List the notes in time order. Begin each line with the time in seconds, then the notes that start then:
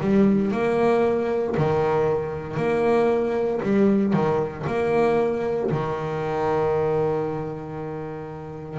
0.00 G3
0.51 A#3
1.57 D#3
2.56 A#3
3.62 G3
4.13 D#3
4.66 A#3
5.70 D#3